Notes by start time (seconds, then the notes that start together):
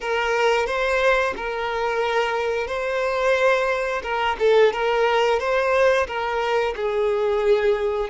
0.00 A#4
0.66 C5
1.36 A#4
2.67 C5
4.02 A#4
4.39 A4
4.72 A#4
5.39 C5
6.07 A#4
6.76 G#4